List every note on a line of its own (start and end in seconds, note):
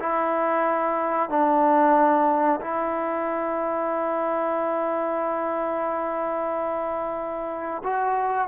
0.00 1.30 E4
1.30 2.61 D4
2.61 7.83 E4
7.84 8.48 F#4